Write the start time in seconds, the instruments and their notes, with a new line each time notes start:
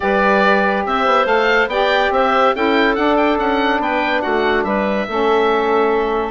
0.00 bassoon G3, saxophone G4, clarinet B4, oboe D5
0.85 bassoon C4, clarinet C5, oboe E5
1.05 bassoon B3
1.25 bassoon A3, saxophone A4, oboe F5
1.67 bassoon B3, saxophone G4, clarinet D5, oboe G5
2.10 bassoon C4, clarinet C5, oboe E5
2.55 bassoon C#4, saxophone E4, clarinet A4, oboe G5
2.95 saxophone D4, bassoon D4, oboe F#5
3.16 oboe G5
3.38 bassoon C#4, oboe F#5
3.79 bassoon B3, clarinet B4, oboe G5
4.21 bassoon A3, clarinet F#4, oboe F#5
4.64 bassoon G3, clarinet B4, oboe E5
5.08 bassoon A3, saxophone C#4, clarinet A4